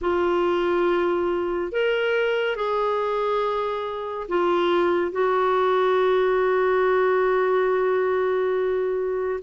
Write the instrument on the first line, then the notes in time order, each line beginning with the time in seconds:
clarinet
0.01 F4
1.72 A#4
2.56 G#4
4.28 F4
5.11 F#4